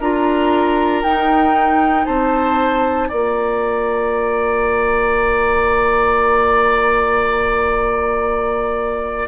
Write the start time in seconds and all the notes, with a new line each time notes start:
0.00 D4 F4 A#4 A#5
1.03 D#4 G5
2.05 C4 C5 A5
3.08 A#3 F4 D5 A#5